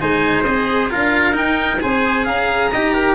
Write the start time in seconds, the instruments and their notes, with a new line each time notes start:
0.00 tuba G#3, cello D#4, trumpet C5, oboe G#5
0.44 tuba C4, cello G#4, oboe D#5
0.91 tuba D4, cello F4, trumpet A#4, oboe F5
1.33 cello D#4, tuba D#4, oboe G5
1.81 tuba C4, cello G#4, trumpet C5, oboe G#5
2.25 tuba C#4, trumpet F5, oboe A#5
2.72 tuba D#4, cello G4, trumpet D#5
2.94 trumpet A#4